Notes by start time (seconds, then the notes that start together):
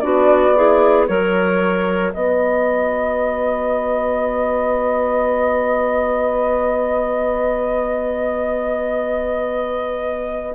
0.00 B3 D4 F#4 D5
0.55 E4 G#4
1.07 F#3 F#4 A#4 C#5
2.13 B3 B4 D#5